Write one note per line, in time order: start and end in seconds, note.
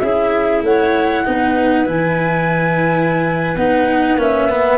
0.00 0.62 C#4
0.00 1.25 E4
0.00 0.64 G#4
0.00 0.62 E5
0.62 1.24 A3
0.62 1.25 C#5
0.62 1.89 F#5
1.25 1.86 B3
1.25 1.86 D#4
1.25 4.78 B4
1.86 3.56 E3
1.86 3.56 E4
1.86 3.57 G#5
3.56 4.17 B3
3.56 4.19 D#4
3.56 4.19 F#5
4.17 4.78 A#3
4.17 4.49 C#4
4.17 4.78 E5
4.49 4.78 B3